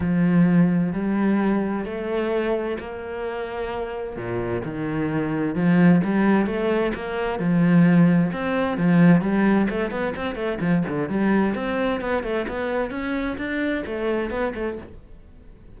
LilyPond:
\new Staff \with { instrumentName = "cello" } { \time 4/4 \tempo 4 = 130 f2 g2 | a2 ais2~ | ais4 ais,4 dis2 | f4 g4 a4 ais4 |
f2 c'4 f4 | g4 a8 b8 c'8 a8 f8 d8 | g4 c'4 b8 a8 b4 | cis'4 d'4 a4 b8 a8 | }